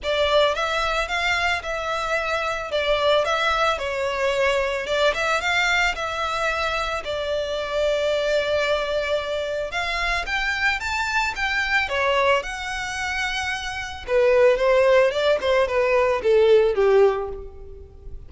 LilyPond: \new Staff \with { instrumentName = "violin" } { \time 4/4 \tempo 4 = 111 d''4 e''4 f''4 e''4~ | e''4 d''4 e''4 cis''4~ | cis''4 d''8 e''8 f''4 e''4~ | e''4 d''2.~ |
d''2 f''4 g''4 | a''4 g''4 cis''4 fis''4~ | fis''2 b'4 c''4 | d''8 c''8 b'4 a'4 g'4 | }